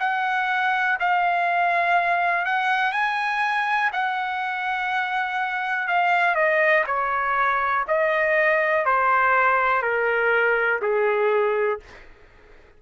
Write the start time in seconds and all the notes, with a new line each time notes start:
0.00 F#5
1.00 F5
2.45 F#5
2.92 G#5
3.93 F#5
5.88 F5
6.35 D#5
6.87 C#5
7.88 D#5
8.86 C5
9.82 A#4
10.82 G#4